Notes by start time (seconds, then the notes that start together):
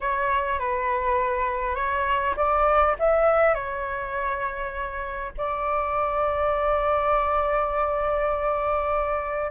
0.01 C#5
0.59 B4
1.75 C#5
2.36 D5
2.99 E5
3.54 C#5
5.37 D5